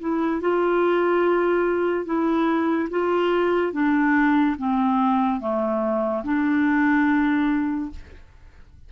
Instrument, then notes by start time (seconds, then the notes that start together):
clarinet
0.00 E4
0.41 F4
2.05 E4
2.90 F4
3.73 D4
4.58 C4
5.40 A3
6.24 D4